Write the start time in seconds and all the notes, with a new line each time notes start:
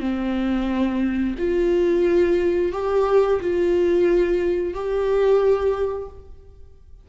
0.00 C4
1.38 F4
2.72 G4
3.40 F4
4.74 G4